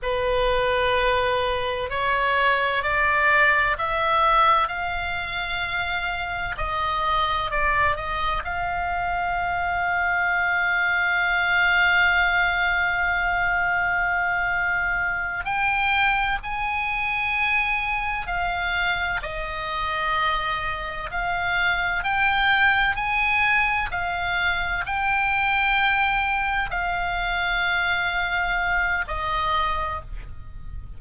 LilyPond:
\new Staff \with { instrumentName = "oboe" } { \time 4/4 \tempo 4 = 64 b'2 cis''4 d''4 | e''4 f''2 dis''4 | d''8 dis''8 f''2.~ | f''1~ |
f''8 g''4 gis''2 f''8~ | f''8 dis''2 f''4 g''8~ | g''8 gis''4 f''4 g''4.~ | g''8 f''2~ f''8 dis''4 | }